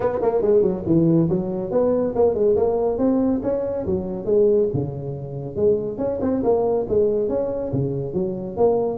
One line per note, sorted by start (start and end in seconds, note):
0.00 0.19 B3
0.21 0.41 A#3
0.41 0.62 G#3
0.62 0.83 F#3
0.86 1.29 E3
1.29 1.71 F#3
1.71 2.14 B3
2.15 2.34 A#3
2.34 2.55 G#3
2.55 2.98 A#3
2.98 3.41 C4
3.42 3.85 C#4
3.86 4.25 F#3
4.25 4.68 G#3
4.73 5.56 C#3
5.56 5.98 G#3
5.98 6.19 C#4
6.21 6.42 C4
6.43 6.86 A#3
6.89 7.28 G#3
7.28 7.71 C#4
7.72 8.13 C#3
8.13 8.56 F#3
8.57 8.97 A#3